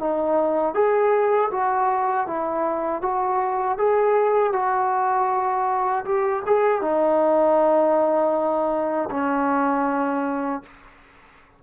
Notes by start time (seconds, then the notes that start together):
0.00 D#4
0.75 G#4
1.51 F#4
2.28 E4
3.02 F#4
3.78 G#4
4.53 F#4
6.05 G4
6.47 G#4
6.82 D#4
9.11 C#4